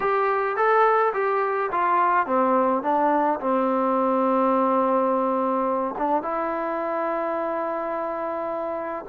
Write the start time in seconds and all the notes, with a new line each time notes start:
0.00 G4
0.56 A4
1.13 G4
1.71 F4
2.26 C4
2.83 D4
3.40 C4
5.98 D4
6.22 E4